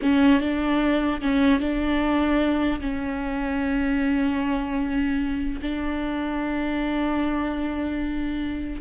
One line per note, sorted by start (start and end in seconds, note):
0.02 0.41 C#4
0.41 1.21 D4
1.21 1.60 C#4
1.60 2.80 D4
2.80 5.60 C#4
5.61 8.81 D4